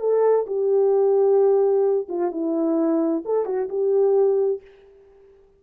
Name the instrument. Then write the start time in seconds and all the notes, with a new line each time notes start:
horn
0.00 A4
0.47 G4
2.09 F4
2.32 E4
3.25 A4
3.46 F#4
3.69 G4